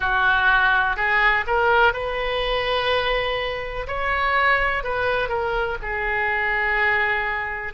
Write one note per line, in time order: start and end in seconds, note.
0.00 0.96 F#4
0.96 1.45 G#4
1.46 1.93 A#4
1.93 3.87 B4
3.87 4.83 C#5
4.83 5.28 B4
5.28 5.77 A#4
5.82 7.73 G#4